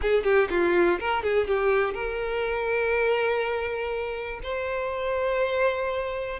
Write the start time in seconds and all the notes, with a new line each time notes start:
0.01 G#4
0.23 G4
0.49 F4
0.99 A#4
1.22 G#4
1.47 G4
1.94 A#4
4.42 C5